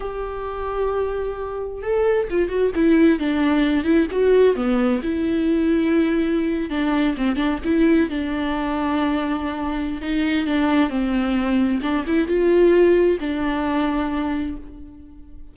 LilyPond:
\new Staff \with { instrumentName = "viola" } { \time 4/4 \tempo 4 = 132 g'1 | a'4 f'8 fis'8 e'4 d'4~ | d'8 e'8 fis'4 b4 e'4~ | e'2~ e'8. d'4 c'16~ |
c'16 d'8 e'4 d'2~ d'16~ | d'2 dis'4 d'4 | c'2 d'8 e'8 f'4~ | f'4 d'2. | }